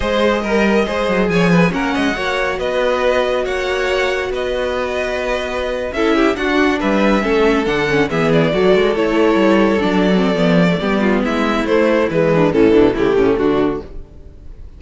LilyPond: <<
  \new Staff \with { instrumentName = "violin" } { \time 4/4 \tempo 4 = 139 dis''2. gis''4 | fis''2 dis''2 | fis''2 dis''2~ | dis''4.~ dis''16 e''4 fis''4 e''16~ |
e''4.~ e''16 fis''4 e''8 d''8.~ | d''8. cis''2 d''4~ d''16~ | d''2 e''4 c''4 | b'4 a'4 g'4 fis'4 | }
  \new Staff \with { instrumentName = "violin" } { \time 4/4 c''4 ais'4 c''4 cis''8 b'8 | ais'8 dis''8 cis''4 b'2 | cis''2 b'2~ | b'4.~ b'16 a'8 g'8 fis'4 b'16~ |
b'8. a'2 gis'4 a'16~ | a'1~ | a'4 g'8 f'8 e'2~ | e'8 d'8 cis'8 d'8 e'8 cis'8 d'4 | }
  \new Staff \with { instrumentName = "viola" } { \time 4/4 gis'4 ais'4 gis'2 | cis'4 fis'2.~ | fis'1~ | fis'4.~ fis'16 e'4 d'4~ d'16~ |
d'8. cis'4 d'8 cis'8 b4 fis'16~ | fis'8. e'2 d'8. c'8 | b8. a16 b2 a4 | gis4 e4 a2 | }
  \new Staff \with { instrumentName = "cello" } { \time 4/4 gis4 g4 gis8 fis8 f4 | ais8 gis8 ais4 b2 | ais2 b2~ | b4.~ b16 cis'4 d'4 g16~ |
g8. a4 d4 e4 fis16~ | fis16 gis8 a4 g4 fis4~ fis16 | f4 g4 gis4 a4 | e4 a,8 b,8 cis8 a,8 d4 | }
>>